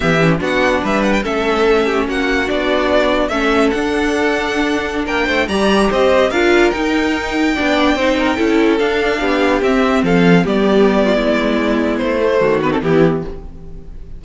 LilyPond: <<
  \new Staff \with { instrumentName = "violin" } { \time 4/4 \tempo 4 = 145 e''4 fis''4 e''8 fis''16 g''16 e''4~ | e''4 fis''4 d''2 | e''4 fis''2.~ | fis''16 g''4 ais''4 dis''4 f''8.~ |
f''16 g''2.~ g''8.~ | g''4~ g''16 f''2 e''8.~ | e''16 f''4 d''2~ d''8.~ | d''4 c''4. b'16 a'16 g'4 | }
  \new Staff \with { instrumentName = "violin" } { \time 4/4 g'4 fis'4 b'4 a'4~ | a'8 g'8 fis'2. | a'1~ | a'16 ais'8 c''8 d''4 c''4 ais'8.~ |
ais'2~ ais'16 d''4 c''8 ais'16~ | ais'16 a'2 g'4.~ g'16~ | g'16 a'4 g'4. f'16 e'4~ | e'2 fis'4 e'4 | }
  \new Staff \with { instrumentName = "viola" } { \time 4/4 b8 cis'8 d'2 cis'4~ | cis'2 d'2 | cis'4 d'2.~ | d'4~ d'16 g'2 f'8.~ |
f'16 dis'2 d'4 dis'8.~ | dis'16 e'4 d'2 c'8.~ | c'4~ c'16 b2~ b8.~ | b4. a4 b16 c'16 b4 | }
  \new Staff \with { instrumentName = "cello" } { \time 4/4 e4 b4 g4 a4~ | a4 ais4 b2 | a4 d'2.~ | d'16 ais8 a8 g4 c'4 d'8.~ |
d'16 dis'2 b4 c'8.~ | c'16 cis'4 d'4 b4 c'8.~ | c'16 f4 g4.~ g16 gis4~ | gis4 a4 dis4 e4 | }
>>